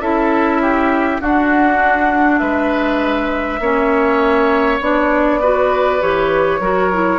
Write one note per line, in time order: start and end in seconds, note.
0.00 1.20 C#4
0.00 1.21 E4
0.00 0.61 A4
0.00 1.21 E5
0.61 1.21 G4
1.20 2.40 D4
1.20 3.61 D4
1.20 2.40 F#4
1.20 2.39 F#5
2.39 3.60 G#3
2.39 3.60 B4
2.39 4.79 E5
3.60 4.80 A#3
3.60 4.81 C#4
3.60 5.40 C#5
4.80 6.00 B3
4.80 5.41 D4
4.80 6.02 D5
5.40 6.00 F#4
5.40 6.60 B4
6.00 6.59 E3
6.00 6.61 G4
6.00 7.19 C#5
6.59 7.19 F#3
6.59 6.91 F#4
6.59 7.19 A#4
6.92 7.19 E4